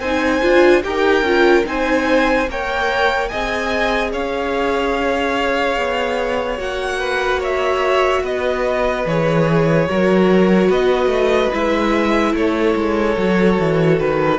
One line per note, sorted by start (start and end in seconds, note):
0.00 0.41 C4
0.00 0.42 D#4
0.00 0.83 C5
0.00 0.83 G#5
0.42 0.84 D4
0.42 0.83 F4
0.84 1.23 D#4
0.84 1.25 G4
0.84 1.68 A#4
0.84 1.66 G5
1.23 1.64 C#4
1.23 1.66 F4
1.66 2.49 C4
1.66 2.48 D#4
1.66 2.51 C5
1.66 2.50 G#5
2.49 3.31 A#3
2.49 3.32 A#4
2.49 3.30 C#5
2.49 3.29 G5
3.29 4.13 C4
3.29 6.58 G#4
3.29 4.12 D#5
3.29 4.11 G#5
4.12 5.78 C#4
4.12 7.00 C#5
4.12 6.60 F5
5.78 6.59 B3
6.58 8.23 A#3
6.58 9.05 F#4
6.58 7.42 F#5
7.00 7.41 B4
7.41 8.23 C#5
7.41 8.26 E5
8.23 9.05 B3
8.23 9.87 B4
8.23 9.08 D#5
9.06 9.89 E3
9.06 9.89 G#4
9.06 10.71 C#5
9.89 10.70 F#3
9.89 11.53 F#4
9.89 10.69 A#4
10.69 11.07 B3
10.69 12.34 B4
10.69 11.54 D#5
11.07 11.48 A3
11.53 12.34 G#3
11.53 13.17 E4
11.53 12.36 E5
12.34 12.75 A3
12.34 14.39 A4
12.34 14.00 C#5
12.76 13.17 G#3
13.17 13.59 F#3
13.17 14.39 F#4
13.60 14.00 E3
14.00 14.39 D#3
14.00 14.39 B4